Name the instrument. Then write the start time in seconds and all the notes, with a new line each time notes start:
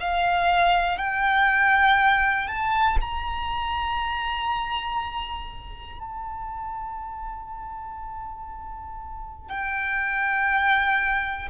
violin
0.00 F5
0.98 G5
2.47 A5
3.01 A#5
5.99 A5
9.49 G5